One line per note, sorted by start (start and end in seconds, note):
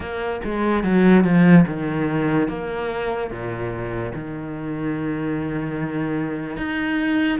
0.00 0.40 A#3
0.44 0.83 G#3
0.83 1.24 F#3
1.24 1.65 F3
1.67 2.48 D#3
2.48 3.30 A#3
3.30 4.12 A#2
4.14 6.56 D#3
6.56 7.39 D#4